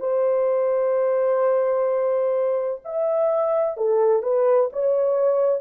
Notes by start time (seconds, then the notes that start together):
0.00 C5
2.85 E5
3.78 A4
4.23 B4
4.73 C#5